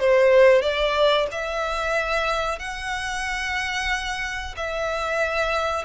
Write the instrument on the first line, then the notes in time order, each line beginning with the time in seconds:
violin
0.00 C5
0.62 D5
1.32 E5
2.59 F#5
4.57 E5